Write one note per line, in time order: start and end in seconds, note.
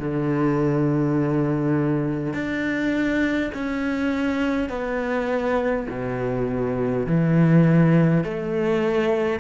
0.00 2.34 D3
2.34 3.52 D4
3.55 4.70 C#4
4.70 5.88 B3
5.90 7.07 B2
7.07 8.25 E3
8.25 9.40 A3